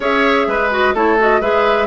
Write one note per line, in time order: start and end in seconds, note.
0.00 0.47 C#4
0.00 0.71 G#4
0.00 0.47 C#5
0.00 0.71 E5
0.47 0.93 G#3
0.47 0.94 B4
0.71 0.94 F#4
0.71 0.95 D#5
0.93 1.40 A3
0.93 1.18 E4
0.93 1.40 A4
0.93 1.19 C#5
1.19 1.41 F#4
1.19 1.41 D#5
1.40 1.87 G#3
1.40 1.87 G#4
1.40 1.87 B4
1.40 1.87 E5